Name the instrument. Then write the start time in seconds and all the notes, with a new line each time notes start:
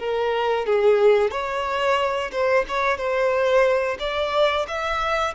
violin
0.00 A#4
0.67 G#4
1.31 C#5
2.32 C5
2.68 C#5
2.98 C5
4.00 D5
4.68 E5